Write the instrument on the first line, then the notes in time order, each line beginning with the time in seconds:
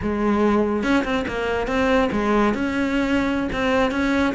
cello
0.02 G#3
0.83 C#4
1.04 C4
1.27 A#3
1.67 C4
2.11 G#3
2.54 C#4
3.52 C4
3.91 C#4